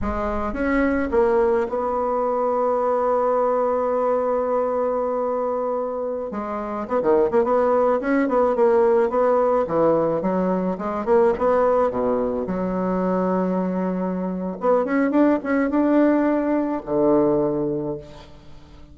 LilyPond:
\new Staff \with { instrumentName = "bassoon" } { \time 4/4 \tempo 4 = 107 gis4 cis'4 ais4 b4~ | b1~ | b2.~ b16 gis8.~ | gis16 b16 dis8 ais16 b4 cis'8 b8 ais8.~ |
ais16 b4 e4 fis4 gis8 ais16~ | ais16 b4 b,4 fis4.~ fis16~ | fis2 b8 cis'8 d'8 cis'8 | d'2 d2 | }